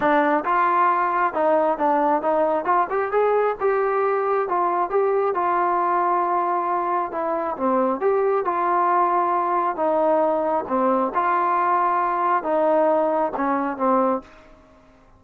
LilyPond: \new Staff \with { instrumentName = "trombone" } { \time 4/4 \tempo 4 = 135 d'4 f'2 dis'4 | d'4 dis'4 f'8 g'8 gis'4 | g'2 f'4 g'4 | f'1 |
e'4 c'4 g'4 f'4~ | f'2 dis'2 | c'4 f'2. | dis'2 cis'4 c'4 | }